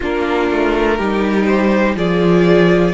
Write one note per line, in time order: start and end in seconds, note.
0.00 0.50 A#3
0.00 0.99 D4
0.00 0.97 F4
0.00 1.45 A#4
0.50 0.99 A3
0.97 1.95 G3
0.97 1.96 D#4
0.97 1.95 G4
1.45 1.94 C5
1.95 2.93 F3
1.95 2.94 F4
1.95 2.94 G#4
1.95 2.94 D5